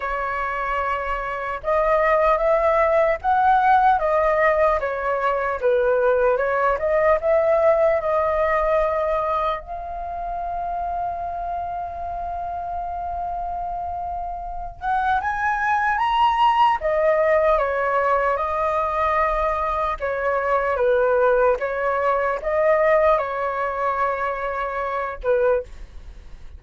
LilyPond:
\new Staff \with { instrumentName = "flute" } { \time 4/4 \tempo 4 = 75 cis''2 dis''4 e''4 | fis''4 dis''4 cis''4 b'4 | cis''8 dis''8 e''4 dis''2 | f''1~ |
f''2~ f''8 fis''8 gis''4 | ais''4 dis''4 cis''4 dis''4~ | dis''4 cis''4 b'4 cis''4 | dis''4 cis''2~ cis''8 b'8 | }